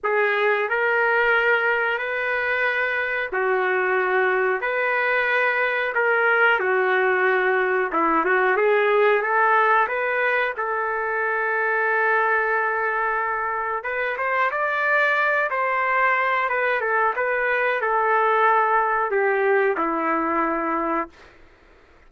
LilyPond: \new Staff \with { instrumentName = "trumpet" } { \time 4/4 \tempo 4 = 91 gis'4 ais'2 b'4~ | b'4 fis'2 b'4~ | b'4 ais'4 fis'2 | e'8 fis'8 gis'4 a'4 b'4 |
a'1~ | a'4 b'8 c''8 d''4. c''8~ | c''4 b'8 a'8 b'4 a'4~ | a'4 g'4 e'2 | }